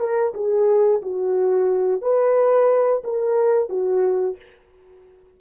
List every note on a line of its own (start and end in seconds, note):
0.00 0.34 A#4
0.35 1.02 G#4
1.03 2.02 F#4
2.02 3.03 B4
3.04 3.70 A#4
3.70 4.37 F#4